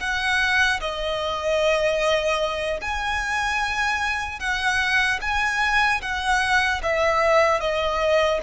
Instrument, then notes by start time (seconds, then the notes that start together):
violin
0.00 F#5
0.80 D#5
2.81 G#5
4.39 F#5
5.21 G#5
6.01 F#5
6.83 E5
7.60 D#5